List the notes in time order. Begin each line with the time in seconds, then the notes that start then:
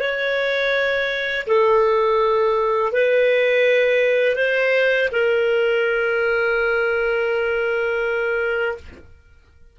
0.00 C#5
1.47 A4
2.93 B4
4.36 C5
5.12 A#4